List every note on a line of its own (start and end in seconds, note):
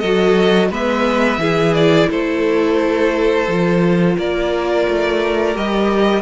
0.00 0.70 F#3
0.00 0.72 F#4
0.00 0.69 A4
0.00 0.69 D#5
0.70 1.38 G#3
0.70 1.39 B3
0.70 1.40 B4
0.70 1.74 E5
1.38 2.07 E3
1.38 3.46 E4
1.38 2.09 G#4
1.74 2.09 D5
2.10 3.47 A3
2.10 4.17 A4
2.10 4.18 C5
3.47 4.16 F3
3.47 5.54 F4
4.17 4.87 A#3
4.17 6.22 A#4
4.17 5.57 D5
4.88 5.56 A3
5.54 6.22 G3
5.54 6.22 G4
5.54 6.22 D#5